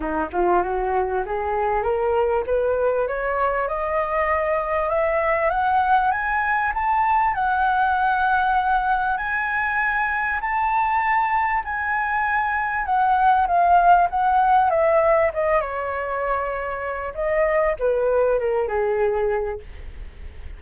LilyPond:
\new Staff \with { instrumentName = "flute" } { \time 4/4 \tempo 4 = 98 dis'8 f'8 fis'4 gis'4 ais'4 | b'4 cis''4 dis''2 | e''4 fis''4 gis''4 a''4 | fis''2. gis''4~ |
gis''4 a''2 gis''4~ | gis''4 fis''4 f''4 fis''4 | e''4 dis''8 cis''2~ cis''8 | dis''4 b'4 ais'8 gis'4. | }